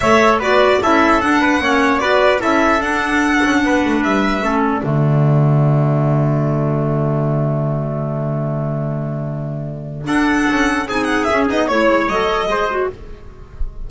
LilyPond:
<<
  \new Staff \with { instrumentName = "violin" } { \time 4/4 \tempo 4 = 149 e''4 d''4 e''4 fis''4~ | fis''4 d''4 e''4 fis''4~ | fis''2 e''4. d''8~ | d''1~ |
d''1~ | d''1~ | d''4 fis''2 gis''8 fis''8 | e''8 dis''8 cis''4 dis''2 | }
  \new Staff \with { instrumentName = "trumpet" } { \time 4/4 cis''4 b'4 a'4. b'8 | cis''4 b'4 a'2~ | a'4 b'2 a'4 | fis'1~ |
fis'1~ | fis'1~ | fis'4 a'2 gis'4~ | gis'4 cis''2 c''4 | }
  \new Staff \with { instrumentName = "clarinet" } { \time 4/4 a'4 fis'4 e'4 d'4 | cis'4 fis'4 e'4 d'4~ | d'2. cis'4 | a1~ |
a1~ | a1~ | a4 d'2 dis'4 | cis'8 dis'8 e'4 a'4 gis'8 fis'8 | }
  \new Staff \with { instrumentName = "double bass" } { \time 4/4 a4 b4 cis'4 d'4 | ais4 b4 cis'4 d'4~ | d'8 cis'8 b8 a8 g4 a4 | d1~ |
d1~ | d1~ | d4 d'4 cis'4 c'4 | cis'8 b8 a8 gis8 fis4 gis4 | }
>>